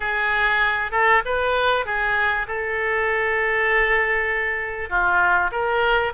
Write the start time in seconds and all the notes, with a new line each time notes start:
0.00 G#4
0.91 A4
1.25 B4
1.85 G#4
2.47 A4
4.89 F4
5.51 A#4